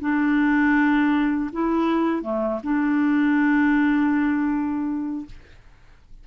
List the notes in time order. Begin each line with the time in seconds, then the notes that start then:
0.00 D4
1.52 E4
2.22 A3
2.63 D4